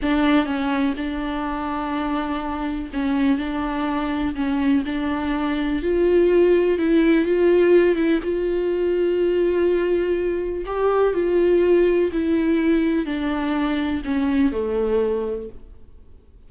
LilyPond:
\new Staff \with { instrumentName = "viola" } { \time 4/4 \tempo 4 = 124 d'4 cis'4 d'2~ | d'2 cis'4 d'4~ | d'4 cis'4 d'2 | f'2 e'4 f'4~ |
f'8 e'8 f'2.~ | f'2 g'4 f'4~ | f'4 e'2 d'4~ | d'4 cis'4 a2 | }